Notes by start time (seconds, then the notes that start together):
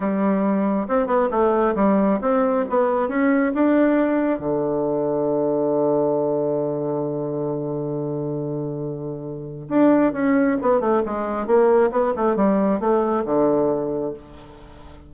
0.00 G3
0.87 C4
1.06 B3
1.30 A3
1.75 G3
2.21 C4
2.69 B3
3.08 C#4
3.54 D4
4.39 D3
9.68 D4
10.12 C#4
10.61 B3
10.80 A3
11.05 G#3
11.46 A#3
11.91 B3
12.16 A3
12.35 G3
12.80 A3
13.25 D3